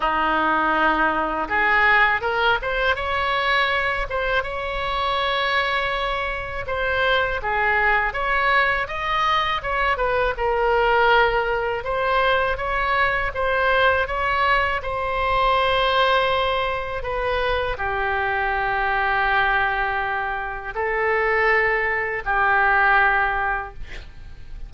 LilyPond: \new Staff \with { instrumentName = "oboe" } { \time 4/4 \tempo 4 = 81 dis'2 gis'4 ais'8 c''8 | cis''4. c''8 cis''2~ | cis''4 c''4 gis'4 cis''4 | dis''4 cis''8 b'8 ais'2 |
c''4 cis''4 c''4 cis''4 | c''2. b'4 | g'1 | a'2 g'2 | }